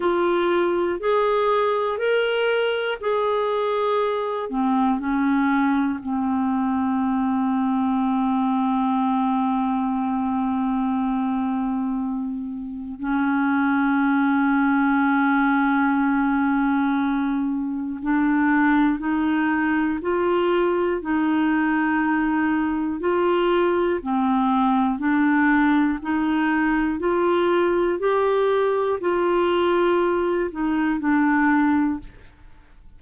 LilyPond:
\new Staff \with { instrumentName = "clarinet" } { \time 4/4 \tempo 4 = 60 f'4 gis'4 ais'4 gis'4~ | gis'8 c'8 cis'4 c'2~ | c'1~ | c'4 cis'2.~ |
cis'2 d'4 dis'4 | f'4 dis'2 f'4 | c'4 d'4 dis'4 f'4 | g'4 f'4. dis'8 d'4 | }